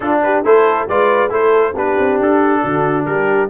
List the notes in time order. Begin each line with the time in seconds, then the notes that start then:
0.00 D4 F4 A4
0.22 G4 B4
0.44 A3 E4 A4 C5
0.88 G#3 F4 B4 D5
1.29 A3 E4 A4 C5
1.73 B3 D4 G4 B4
1.98 C4
2.19 D4 A4
2.62 D3 F#4
3.05 G3 G4 A#4